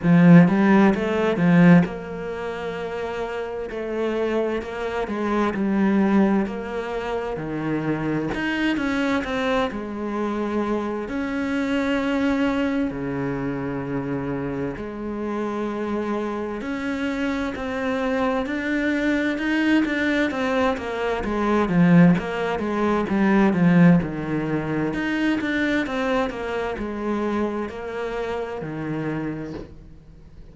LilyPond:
\new Staff \with { instrumentName = "cello" } { \time 4/4 \tempo 4 = 65 f8 g8 a8 f8 ais2 | a4 ais8 gis8 g4 ais4 | dis4 dis'8 cis'8 c'8 gis4. | cis'2 cis2 |
gis2 cis'4 c'4 | d'4 dis'8 d'8 c'8 ais8 gis8 f8 | ais8 gis8 g8 f8 dis4 dis'8 d'8 | c'8 ais8 gis4 ais4 dis4 | }